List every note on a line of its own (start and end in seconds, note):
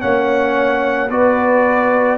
0.00 1.10 A#3
0.00 1.09 C#4
0.00 1.10 C#5
0.00 1.10 F#5
1.10 2.17 B3
1.10 2.17 F#4
1.10 2.17 B4
1.10 2.17 D5